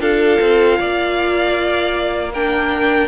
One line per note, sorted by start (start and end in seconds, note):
0.00 0.38 D4
0.00 2.31 F4
0.00 0.79 A4
0.00 2.32 F5
0.41 0.80 C4
0.79 3.08 A#3
0.79 2.32 D5
2.33 3.08 D4
2.33 3.08 A#4
2.33 3.08 G5